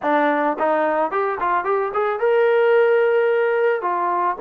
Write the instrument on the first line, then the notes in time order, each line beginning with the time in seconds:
trombone
0.02 D4
0.59 D#4
1.11 G4
1.40 F4
1.64 G4
1.93 G#4
2.19 A#4
3.81 F4